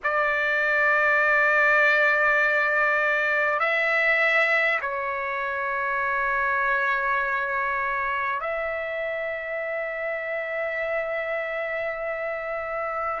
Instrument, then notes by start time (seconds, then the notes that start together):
trumpet
0.03 D5
3.59 E5
4.81 C#5
8.40 E5